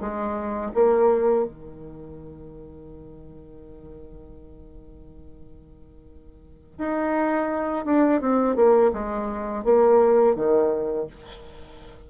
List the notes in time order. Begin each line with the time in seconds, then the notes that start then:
0.00 G#3
0.74 A#3
1.45 D#3
6.78 D#4
7.85 D4
8.21 C4
8.56 A#3
8.93 G#3
9.64 A#3
10.35 D#3